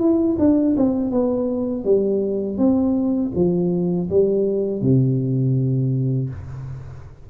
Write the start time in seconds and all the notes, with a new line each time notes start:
0.00 E4
0.39 D4
0.77 C4
1.11 B3
1.85 G3
2.58 C4
3.35 F3
4.10 G3
4.82 C3